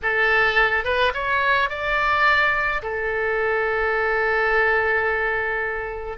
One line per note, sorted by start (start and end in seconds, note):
0.02 0.84 A4
0.84 1.12 B4
1.13 1.69 C#5
1.69 2.82 D5
2.82 6.17 A4